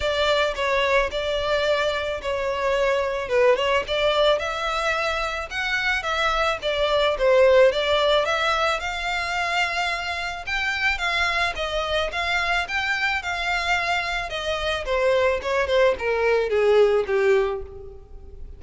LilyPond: \new Staff \with { instrumentName = "violin" } { \time 4/4 \tempo 4 = 109 d''4 cis''4 d''2 | cis''2 b'8 cis''8 d''4 | e''2 fis''4 e''4 | d''4 c''4 d''4 e''4 |
f''2. g''4 | f''4 dis''4 f''4 g''4 | f''2 dis''4 c''4 | cis''8 c''8 ais'4 gis'4 g'4 | }